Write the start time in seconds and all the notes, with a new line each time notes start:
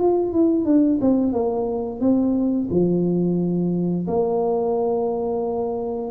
0.00 F4
0.33 E4
0.65 D4
1.01 C4
1.33 A#3
2.01 C4
2.71 F3
4.08 A#3